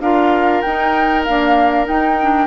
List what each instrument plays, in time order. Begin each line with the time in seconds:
0.00 bassoon D4, clarinet F4, oboe A#4, flute F5
0.61 bassoon D#4, clarinet D#4, flute G5
1.24 clarinet A#3, bassoon D4, flute F5
1.84 clarinet D#4, bassoon D#4, flute G5
2.22 clarinet D4